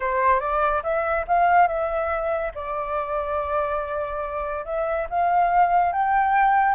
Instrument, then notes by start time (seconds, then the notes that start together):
flute
0.00 C5
0.40 D5
0.83 E5
1.27 F5
1.67 E5
2.54 D5
4.65 E5
5.09 F5
5.92 G5